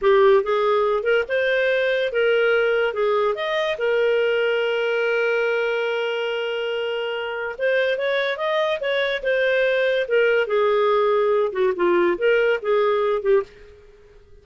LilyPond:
\new Staff \with { instrumentName = "clarinet" } { \time 4/4 \tempo 4 = 143 g'4 gis'4. ais'8 c''4~ | c''4 ais'2 gis'4 | dis''4 ais'2.~ | ais'1~ |
ais'2 c''4 cis''4 | dis''4 cis''4 c''2 | ais'4 gis'2~ gis'8 fis'8 | f'4 ais'4 gis'4. g'8 | }